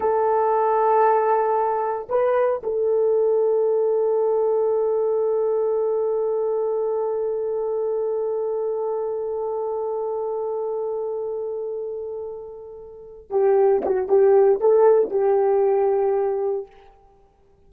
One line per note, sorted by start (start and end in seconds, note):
0.00 2.07 A4
2.09 2.61 B4
2.63 13.30 A4
13.30 13.82 G4
13.85 14.08 F#4
14.08 14.60 G4
14.60 15.10 A4
15.10 16.66 G4